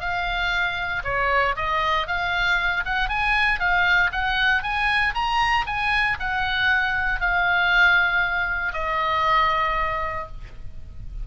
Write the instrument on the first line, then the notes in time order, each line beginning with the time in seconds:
oboe
0.00 F5
1.04 C#5
1.56 D#5
2.07 F5
2.85 F#5
3.09 G#5
3.59 F5
4.12 F#5
4.63 G#5
5.14 A#5
5.66 G#5
6.19 F#5
7.20 F5
8.73 D#5